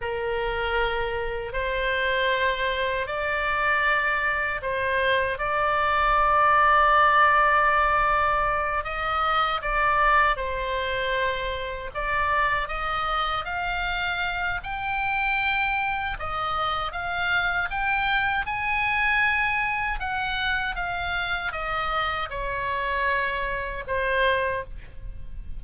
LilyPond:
\new Staff \with { instrumentName = "oboe" } { \time 4/4 \tempo 4 = 78 ais'2 c''2 | d''2 c''4 d''4~ | d''2.~ d''8 dis''8~ | dis''8 d''4 c''2 d''8~ |
d''8 dis''4 f''4. g''4~ | g''4 dis''4 f''4 g''4 | gis''2 fis''4 f''4 | dis''4 cis''2 c''4 | }